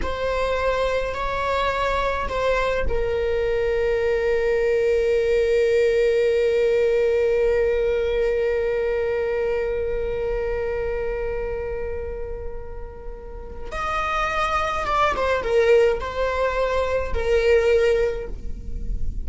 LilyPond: \new Staff \with { instrumentName = "viola" } { \time 4/4 \tempo 4 = 105 c''2 cis''2 | c''4 ais'2.~ | ais'1~ | ais'1~ |
ais'1~ | ais'1 | dis''2 d''8 c''8 ais'4 | c''2 ais'2 | }